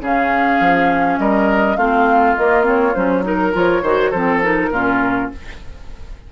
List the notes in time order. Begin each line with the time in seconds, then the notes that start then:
0.00 C#3 C#4 G#4 F5
0.60 F3
1.19 G3 A#4 D#5
1.76 A3 C4 F4 F5
2.36 A#3 D#5
2.62 C4 C#5
2.94 F#3 C#4 C5
3.23 D#4 A#4
3.53 F3 F4 C#5
3.82 D#3 F#4 C5
4.10 F3 C4 A4 C5
4.42 D#4 A#4
4.70 A#2 C#4 F4